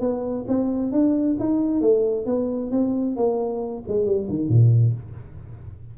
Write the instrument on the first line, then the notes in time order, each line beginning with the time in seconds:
tuba
0.00 B3
0.47 C4
0.91 D4
1.39 D#4
1.81 A3
2.26 B3
2.71 C4
3.16 A#3
3.88 G#3
4.05 G3
4.29 D#3
4.48 A#2